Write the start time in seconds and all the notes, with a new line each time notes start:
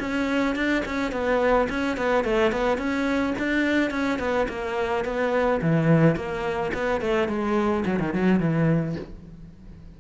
0.00 C#4
0.56 D4
0.86 C#4
1.12 B3
1.69 C#4
1.97 B3
2.25 A3
2.52 B3
2.78 C#4
3.39 D4
3.91 C#4
4.19 B3
4.49 A#3
5.05 B3
5.62 E3
6.16 A#3
6.74 B3
7.01 A3
7.28 G#3
7.86 F#3
8.00 D#3
8.14 F#3
8.40 E3